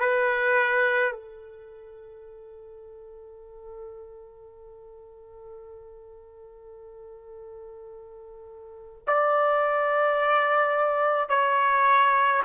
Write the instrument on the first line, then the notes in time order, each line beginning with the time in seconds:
trumpet
0.00 B4
1.12 A4
9.07 D5
11.29 C#5